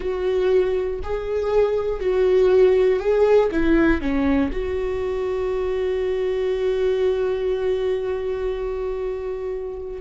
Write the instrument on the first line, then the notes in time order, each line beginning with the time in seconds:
viola
0.00 F#4
1.03 G#4
2.00 F#4
3.00 G#4
3.51 E4
4.01 C#4
4.52 F#4